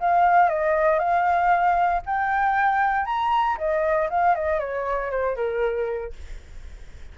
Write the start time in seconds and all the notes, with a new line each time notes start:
0.00 F5
0.49 D#5
0.99 F5
2.06 G5
3.06 A#5
3.58 D#5
4.10 F5
4.35 D#5
4.59 C#5
5.11 C5
5.36 A#4